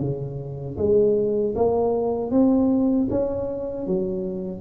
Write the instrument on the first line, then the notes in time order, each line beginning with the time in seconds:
tuba
0.00 C#3
0.78 G#3
1.56 A#3
2.31 C4
3.10 C#4
3.86 F#3